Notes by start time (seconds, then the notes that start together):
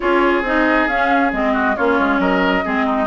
0.00 C#4 F4 G#4 C#5
0.42 C4 D#4 D#5
0.87 C#4 F5
1.32 G#3 C4 D#5
1.53 F#4
1.76 A#3 C#4 F4 C#5
1.99 G#3
2.18 F#3 A#4 D#5
2.64 G#3 C4 G#4
2.86 D#4